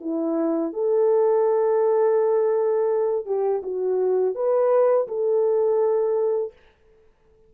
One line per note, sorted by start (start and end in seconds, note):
0.00 0.72 E4
0.73 3.25 A4
3.25 3.61 G4
3.62 4.35 F#4
4.35 5.07 B4
5.08 6.52 A4